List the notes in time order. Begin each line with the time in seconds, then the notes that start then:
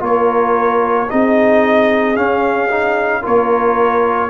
0.00 A#3 F4 A#4 C#5
1.10 C4 D#4 G#4 D#5
2.16 C#4 F5
2.71 D#4
3.22 A#3 F4 A#4 C#5